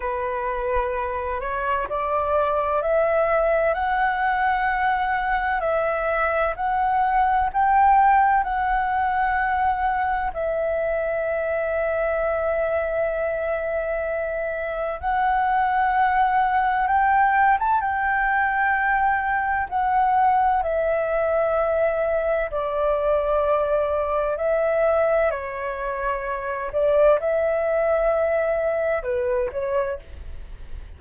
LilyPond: \new Staff \with { instrumentName = "flute" } { \time 4/4 \tempo 4 = 64 b'4. cis''8 d''4 e''4 | fis''2 e''4 fis''4 | g''4 fis''2 e''4~ | e''1 |
fis''2 g''8. a''16 g''4~ | g''4 fis''4 e''2 | d''2 e''4 cis''4~ | cis''8 d''8 e''2 b'8 cis''8 | }